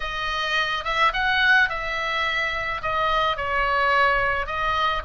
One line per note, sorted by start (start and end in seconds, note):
0.00 0.84 D#5
0.84 1.12 E5
1.13 1.69 F#5
1.69 2.81 E5
2.81 3.36 D#5
3.36 4.46 C#5
4.46 5.02 D#5